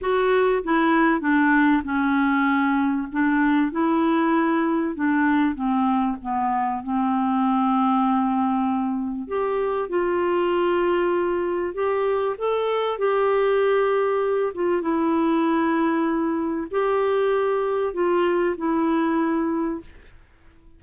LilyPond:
\new Staff \with { instrumentName = "clarinet" } { \time 4/4 \tempo 4 = 97 fis'4 e'4 d'4 cis'4~ | cis'4 d'4 e'2 | d'4 c'4 b4 c'4~ | c'2. g'4 |
f'2. g'4 | a'4 g'2~ g'8 f'8 | e'2. g'4~ | g'4 f'4 e'2 | }